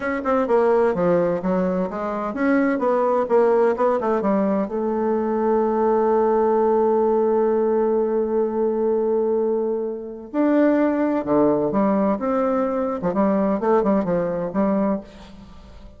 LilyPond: \new Staff \with { instrumentName = "bassoon" } { \time 4/4 \tempo 4 = 128 cis'8 c'8 ais4 f4 fis4 | gis4 cis'4 b4 ais4 | b8 a8 g4 a2~ | a1~ |
a1~ | a2 d'2 | d4 g4 c'4.~ c'16 f16 | g4 a8 g8 f4 g4 | }